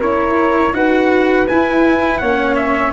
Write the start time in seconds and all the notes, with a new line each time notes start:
0.00 C#4 E4 A#4 C#5
0.73 D#4 F#4 B4 F#5
1.48 E4 G#5
2.18 A#3 C#4 C#5 F#5
2.56 E5